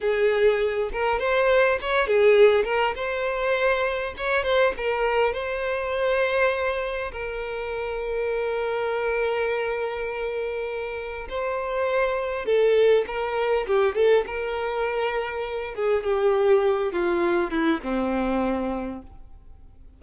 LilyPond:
\new Staff \with { instrumentName = "violin" } { \time 4/4 \tempo 4 = 101 gis'4. ais'8 c''4 cis''8 gis'8~ | gis'8 ais'8 c''2 cis''8 c''8 | ais'4 c''2. | ais'1~ |
ais'2. c''4~ | c''4 a'4 ais'4 g'8 a'8 | ais'2~ ais'8 gis'8 g'4~ | g'8 f'4 e'8 c'2 | }